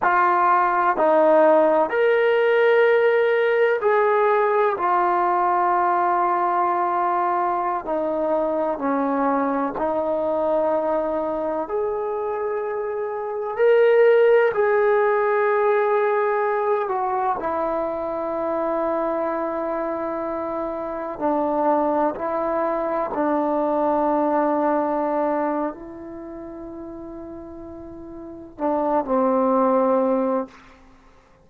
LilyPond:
\new Staff \with { instrumentName = "trombone" } { \time 4/4 \tempo 4 = 63 f'4 dis'4 ais'2 | gis'4 f'2.~ | f'16 dis'4 cis'4 dis'4.~ dis'16~ | dis'16 gis'2 ais'4 gis'8.~ |
gis'4.~ gis'16 fis'8 e'4.~ e'16~ | e'2~ e'16 d'4 e'8.~ | e'16 d'2~ d'8. e'4~ | e'2 d'8 c'4. | }